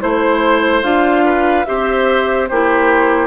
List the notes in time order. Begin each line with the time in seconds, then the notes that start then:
0.00 A3 E4 C5
0.83 D4 F4 F5
1.25 B4
1.65 C4 G4 C5 E5
2.48 A#3 E4 G4 C5